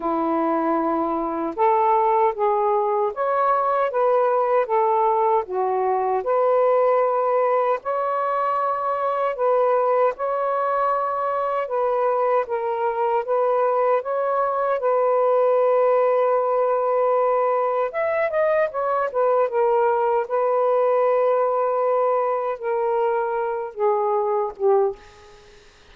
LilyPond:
\new Staff \with { instrumentName = "saxophone" } { \time 4/4 \tempo 4 = 77 e'2 a'4 gis'4 | cis''4 b'4 a'4 fis'4 | b'2 cis''2 | b'4 cis''2 b'4 |
ais'4 b'4 cis''4 b'4~ | b'2. e''8 dis''8 | cis''8 b'8 ais'4 b'2~ | b'4 ais'4. gis'4 g'8 | }